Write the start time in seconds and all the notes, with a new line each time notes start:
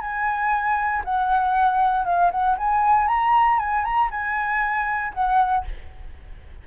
0.00 G#5
1.04 F#5
2.05 F5
2.31 F#5
2.57 G#5
3.07 A#5
3.59 G#5
3.84 A#5
4.10 G#5
5.13 F#5